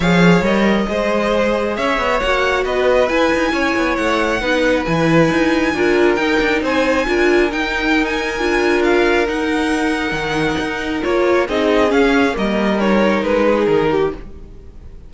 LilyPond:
<<
  \new Staff \with { instrumentName = "violin" } { \time 4/4 \tempo 4 = 136 f''4 dis''2. | e''4 fis''4 dis''4 gis''4~ | gis''4 fis''2 gis''4~ | gis''2 g''4 gis''4~ |
gis''4 g''4~ g''16 gis''4.~ gis''16 | f''4 fis''2.~ | fis''4 cis''4 dis''4 f''4 | dis''4 cis''4 b'4 ais'4 | }
  \new Staff \with { instrumentName = "violin" } { \time 4/4 cis''2 c''2 | cis''2 b'2 | cis''2 b'2~ | b'4 ais'2 c''4 |
ais'1~ | ais'1~ | ais'2 gis'2 | ais'2~ ais'8 gis'4 g'8 | }
  \new Staff \with { instrumentName = "viola" } { \time 4/4 gis'4 ais'4 gis'2~ | gis'4 fis'2 e'4~ | e'2 dis'4 e'4~ | e'4 f'4 dis'2 |
f'4 dis'2 f'4~ | f'4 dis'2.~ | dis'4 f'4 dis'4 cis'4 | ais4 dis'2. | }
  \new Staff \with { instrumentName = "cello" } { \time 4/4 f4 g4 gis2 | cis'8 b8 ais4 b4 e'8 dis'8 | cis'8 b8 a4 b4 e4 | dis'4 d'4 dis'8 d'8 c'4 |
d'4 dis'2 d'4~ | d'4 dis'2 dis4 | dis'4 ais4 c'4 cis'4 | g2 gis4 dis4 | }
>>